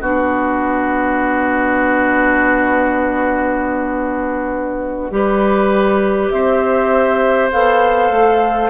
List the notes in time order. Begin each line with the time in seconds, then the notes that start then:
0.00 B3 D4 F#4 D5
5.11 G3 G4 B4
6.29 C4 C5 E5
7.52 B3 A4 F5
8.10 A3